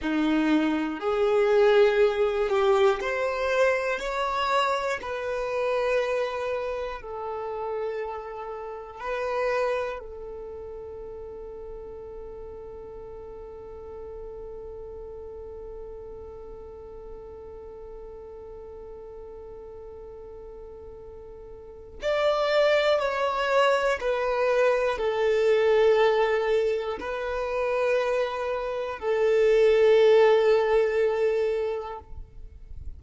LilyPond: \new Staff \with { instrumentName = "violin" } { \time 4/4 \tempo 4 = 60 dis'4 gis'4. g'8 c''4 | cis''4 b'2 a'4~ | a'4 b'4 a'2~ | a'1~ |
a'1~ | a'2 d''4 cis''4 | b'4 a'2 b'4~ | b'4 a'2. | }